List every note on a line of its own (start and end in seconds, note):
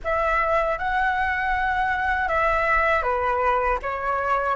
0.03 0.78 E5
0.78 2.28 F#5
2.28 3.02 E5
3.02 3.78 B4
3.82 4.55 C#5